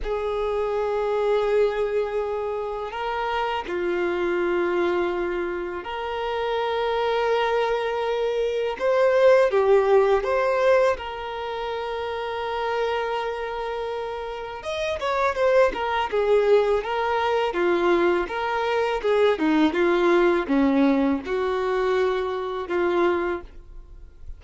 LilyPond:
\new Staff \with { instrumentName = "violin" } { \time 4/4 \tempo 4 = 82 gis'1 | ais'4 f'2. | ais'1 | c''4 g'4 c''4 ais'4~ |
ais'1 | dis''8 cis''8 c''8 ais'8 gis'4 ais'4 | f'4 ais'4 gis'8 dis'8 f'4 | cis'4 fis'2 f'4 | }